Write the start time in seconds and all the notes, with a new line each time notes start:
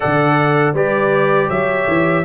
0.00 D3 A4 D5 F#5
0.73 G3 G4 B4 D5
1.48 F#3 C#5 E5
1.88 E3